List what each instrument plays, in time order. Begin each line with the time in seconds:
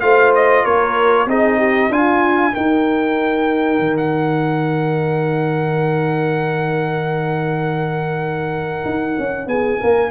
0.00 tuba A3, trombone F4, horn C5, trumpet F5
0.34 trumpet D#5
0.64 tuba A#3, horn A#4, trumpet C#5
1.26 tuba C4, trombone D#4, horn G#4, trumpet D#5
1.57 horn G4
1.89 tuba D4, horn F4, trombone F4, trumpet G#5
2.53 trombone D#4, tuba D#4, horn A#4, trumpet G5
3.79 tuba D#3
3.97 trumpet F#5
8.84 tuba D#4
9.18 tuba C#4
9.46 tuba B3, horn G#4, trumpet G#5
9.80 tuba A#3, horn A#4